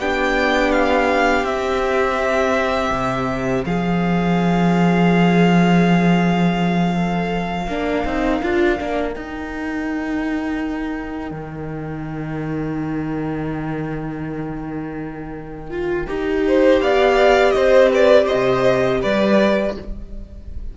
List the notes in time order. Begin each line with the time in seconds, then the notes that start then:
0.00 B3 D4 G4 G5
0.72 F5
1.44 C4 E5
2.91 C3
3.65 F3 G#4 F5
6.95 A4
7.66 A#3 D4 A#4
8.05 C4 D#4
8.43 D4 F4
8.79 A#3 D4
9.13 D#4 G5
11.31 D#3
15.71 F4
16.08 D#4 G4
16.48 C5
16.81 B3 D5 F5
17.51 C4 C5 D#5
17.93 B4 D5
18.26 C5 D#5
18.34 C3
19.02 G3 B4 D5